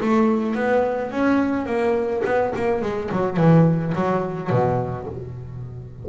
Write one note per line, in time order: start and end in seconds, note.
0.00 0.54 A3
0.54 1.11 B3
1.11 1.66 C#4
1.66 2.22 A#3
2.24 2.53 B3
2.55 2.81 A#3
2.81 3.10 G#3
3.11 3.36 F#3
3.36 3.93 E3
3.94 4.50 F#3
4.50 5.06 B2